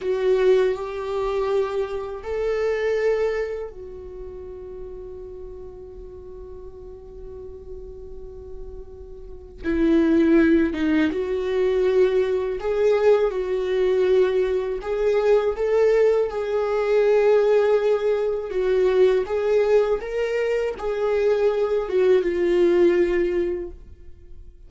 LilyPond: \new Staff \with { instrumentName = "viola" } { \time 4/4 \tempo 4 = 81 fis'4 g'2 a'4~ | a'4 fis'2.~ | fis'1~ | fis'4 e'4. dis'8 fis'4~ |
fis'4 gis'4 fis'2 | gis'4 a'4 gis'2~ | gis'4 fis'4 gis'4 ais'4 | gis'4. fis'8 f'2 | }